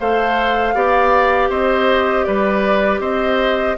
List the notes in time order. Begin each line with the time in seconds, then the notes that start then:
0.00 A3 A4 C5 F5
0.75 B3 G4 D5
1.50 C4 C5 D#5
2.24 G3 B4 D5
3.00 C4 C5 D#5